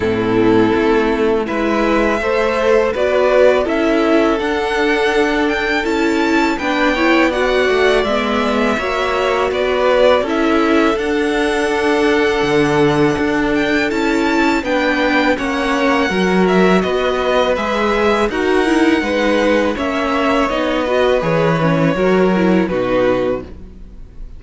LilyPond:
<<
  \new Staff \with { instrumentName = "violin" } { \time 4/4 \tempo 4 = 82 a'2 e''2 | d''4 e''4 fis''4. g''8 | a''4 g''4 fis''4 e''4~ | e''4 d''4 e''4 fis''4~ |
fis''2~ fis''8 g''8 a''4 | g''4 fis''4. e''8 dis''4 | e''4 fis''2 e''4 | dis''4 cis''2 b'4 | }
  \new Staff \with { instrumentName = "violin" } { \time 4/4 e'2 b'4 c''4 | b'4 a'2.~ | a'4 b'8 cis''8 d''2 | cis''4 b'4 a'2~ |
a'1 | b'4 cis''4 ais'4 b'4~ | b'4 ais'4 b'4 cis''4~ | cis''8 b'4. ais'4 fis'4 | }
  \new Staff \with { instrumentName = "viola" } { \time 4/4 c'2 e'4 a'4 | fis'4 e'4 d'2 | e'4 d'8 e'8 fis'4 b4 | fis'2 e'4 d'4~ |
d'2. e'4 | d'4 cis'4 fis'2 | gis'4 fis'8 e'8 dis'4 cis'4 | dis'8 fis'8 gis'8 cis'8 fis'8 e'8 dis'4 | }
  \new Staff \with { instrumentName = "cello" } { \time 4/4 a,4 a4 gis4 a4 | b4 cis'4 d'2 | cis'4 b4. a8 gis4 | ais4 b4 cis'4 d'4~ |
d'4 d4 d'4 cis'4 | b4 ais4 fis4 b4 | gis4 dis'4 gis4 ais4 | b4 e4 fis4 b,4 | }
>>